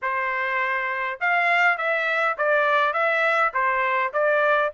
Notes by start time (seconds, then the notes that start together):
0.02 C5
1.20 F5
1.77 E5
2.37 D5
2.93 E5
3.53 C5
4.13 D5